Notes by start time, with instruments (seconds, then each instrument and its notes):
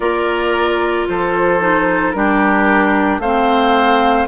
0.00 bassoon A#3, clarinet F4, oboe A#4, flute D5
1.08 bassoon F3, oboe A4, flute C5
1.60 clarinet D#4
2.11 bassoon G3, clarinet D4, oboe G4, flute A#4
3.18 bassoon A3, clarinet C4, oboe C5, flute F5